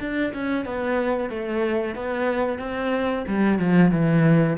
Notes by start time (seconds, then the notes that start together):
0.00 D4
0.34 C#4
0.65 B3
1.29 A3
1.95 B3
2.59 C4
3.28 G3
3.59 F3
3.91 E3